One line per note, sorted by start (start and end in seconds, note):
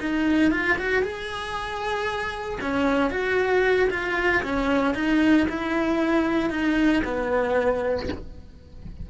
0.00 0.51 D#4
0.51 0.77 F4
0.78 1.02 F#4
1.02 2.58 G#4
2.61 3.10 C#4
3.10 3.88 F#4
3.90 4.42 F4
4.43 4.94 C#4
4.94 5.46 D#4
5.49 6.50 E4
6.50 7.02 D#4
7.04 8.08 B3